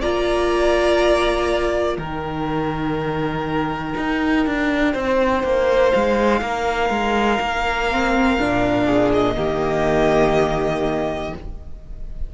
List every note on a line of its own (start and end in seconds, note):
0.00 1.97 A#3
0.00 1.99 F4
0.00 1.97 D5
0.00 1.97 A#5
1.97 3.94 D#3
1.97 7.89 D#4
1.97 4.93 A#4
1.97 5.91 G5
3.97 4.46 D#4
4.46 4.94 D4
4.93 5.43 C4
4.93 6.40 C5
5.43 5.93 A#3
5.91 6.41 G#3
5.91 9.10 F5
6.41 6.90 A#3
6.41 8.85 A#4
6.90 7.39 G#3
7.40 8.38 A#3
7.91 8.39 C4
8.39 9.36 A#2
8.39 9.35 D4
8.85 9.34 G#4
9.13 11.34 D#5
9.35 11.33 D#3
9.35 11.32 A#3
9.35 11.34 G4